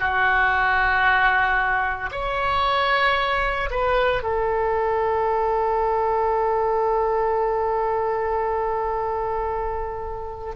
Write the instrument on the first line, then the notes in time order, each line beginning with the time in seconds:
oboe
0.00 F#4
2.12 C#5
3.71 B4
4.23 A4